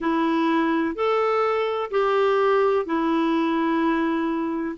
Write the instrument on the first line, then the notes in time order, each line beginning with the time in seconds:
clarinet
0.00 E4
0.95 A4
1.90 G4
2.85 E4